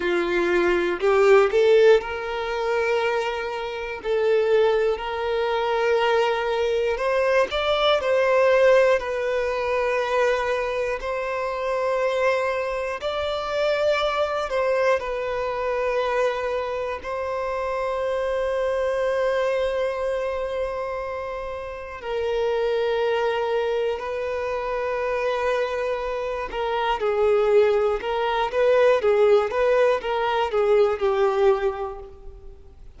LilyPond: \new Staff \with { instrumentName = "violin" } { \time 4/4 \tempo 4 = 60 f'4 g'8 a'8 ais'2 | a'4 ais'2 c''8 d''8 | c''4 b'2 c''4~ | c''4 d''4. c''8 b'4~ |
b'4 c''2.~ | c''2 ais'2 | b'2~ b'8 ais'8 gis'4 | ais'8 b'8 gis'8 b'8 ais'8 gis'8 g'4 | }